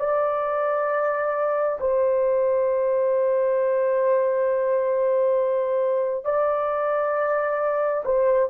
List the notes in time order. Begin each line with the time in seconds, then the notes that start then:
0.00 D5
1.81 C5
6.25 D5
8.05 C5